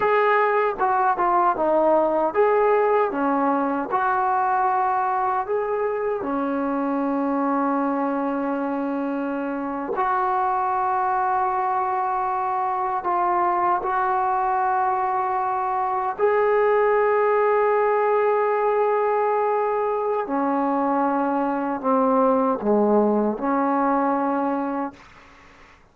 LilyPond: \new Staff \with { instrumentName = "trombone" } { \time 4/4 \tempo 4 = 77 gis'4 fis'8 f'8 dis'4 gis'4 | cis'4 fis'2 gis'4 | cis'1~ | cis'8. fis'2.~ fis'16~ |
fis'8. f'4 fis'2~ fis'16~ | fis'8. gis'2.~ gis'16~ | gis'2 cis'2 | c'4 gis4 cis'2 | }